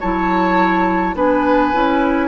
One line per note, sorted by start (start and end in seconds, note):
0.00 1.14 F#3
0.00 1.15 E4
0.00 1.15 C#5
0.00 1.16 A5
1.14 1.72 B3
1.14 1.73 D4
1.14 2.27 B4
1.14 2.27 G#5
1.73 2.27 C#4
1.73 2.27 E4